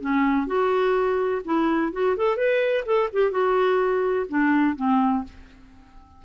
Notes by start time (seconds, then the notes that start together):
0.00 C#4
0.46 F#4
1.44 E4
1.92 F#4
2.16 A4
2.36 B4
2.85 A4
3.13 G4
3.31 F#4
4.28 D4
4.76 C4